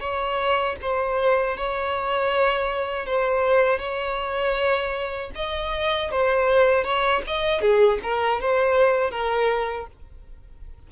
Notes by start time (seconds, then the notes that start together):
0.00 C#5
0.81 C5
1.57 C#5
3.06 C5
3.79 C#5
5.35 D#5
6.11 C5
6.84 C#5
7.27 D#5
7.61 G#4
8.03 A#4
8.41 C5
9.11 A#4